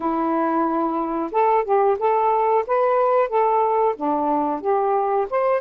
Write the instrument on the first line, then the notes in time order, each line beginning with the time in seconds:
saxophone
0.00 E4
1.31 A4
1.64 G4
1.98 A4
2.66 B4
3.28 A4
3.96 D4
4.60 G4
5.30 C5